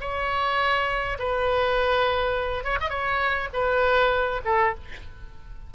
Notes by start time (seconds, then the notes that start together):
0.00 C#5
1.18 B4
2.64 C#5
2.80 D#5
2.90 C#5
3.53 B4
4.45 A4